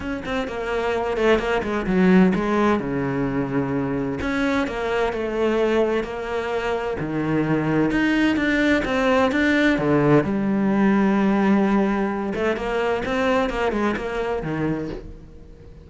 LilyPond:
\new Staff \with { instrumentName = "cello" } { \time 4/4 \tempo 4 = 129 cis'8 c'8 ais4. a8 ais8 gis8 | fis4 gis4 cis2~ | cis4 cis'4 ais4 a4~ | a4 ais2 dis4~ |
dis4 dis'4 d'4 c'4 | d'4 d4 g2~ | g2~ g8 a8 ais4 | c'4 ais8 gis8 ais4 dis4 | }